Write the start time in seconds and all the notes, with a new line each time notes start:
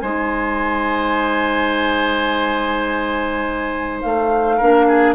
0.00 G#3 D#4 C5 G#5
4.02 A3 F5
4.57 A#3 D4 A#4
4.88 G#4